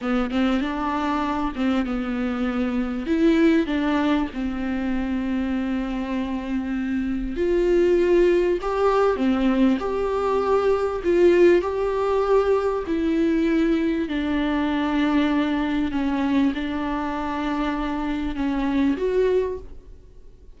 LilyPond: \new Staff \with { instrumentName = "viola" } { \time 4/4 \tempo 4 = 98 b8 c'8 d'4. c'8 b4~ | b4 e'4 d'4 c'4~ | c'1 | f'2 g'4 c'4 |
g'2 f'4 g'4~ | g'4 e'2 d'4~ | d'2 cis'4 d'4~ | d'2 cis'4 fis'4 | }